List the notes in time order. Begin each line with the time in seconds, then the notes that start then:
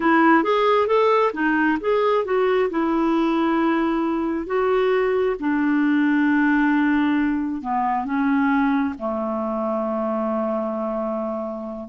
0.00 E4
0.43 G#4
0.87 A4
1.33 D#4
1.80 G#4
2.24 F#4
2.70 E4
4.46 F#4
5.39 D4
7.61 B3
8.04 C#4
8.98 A3